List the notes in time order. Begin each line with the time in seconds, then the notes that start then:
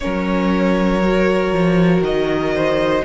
0.00 F#3 C#4 A#4 C#5
1.03 F#4
1.53 F3
2.01 D#3 D#5
2.54 C5